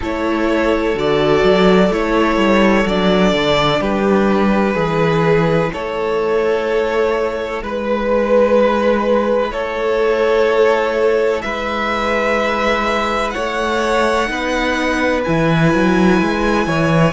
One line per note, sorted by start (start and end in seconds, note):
0.00 0.94 A3
0.00 0.95 E4
0.00 3.80 A4
0.00 0.98 C#5
0.94 1.42 D3
0.94 1.90 F#4
0.94 1.92 D5
1.43 1.90 F#3
1.90 2.37 A3
1.90 2.87 E4
1.90 2.87 C#5
2.37 2.84 G3
2.85 3.32 F#3
2.85 4.76 D4
2.85 3.81 D5
3.32 3.79 D3
3.79 4.74 G3
3.79 4.74 G4
3.79 5.71 B4
4.74 5.70 E3
4.74 14.27 E4
4.74 5.70 G#4
5.72 7.62 A3
5.72 7.62 A4
5.72 7.63 C#5
7.62 9.51 G#3
7.62 9.53 B4
7.62 9.51 B4
9.51 11.42 A3
9.51 11.43 A4
9.51 11.42 C#5
11.42 13.34 G#3
11.42 13.34 B4
11.42 13.30 E5
13.30 14.29 A3
13.30 14.29 C#5
13.30 15.20 F#5
14.27 15.24 B3
14.27 15.22 D#4
14.27 16.66 B4
15.24 15.73 E3
15.24 17.13 E4
15.24 17.13 G#5
15.73 16.21 F#3
16.21 16.66 G#3
16.66 17.13 E3
16.66 17.13 C#5